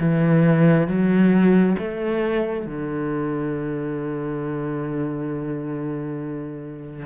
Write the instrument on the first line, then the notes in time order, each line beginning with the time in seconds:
cello
0.00 E3
0.88 F#3
1.79 A3
2.66 D3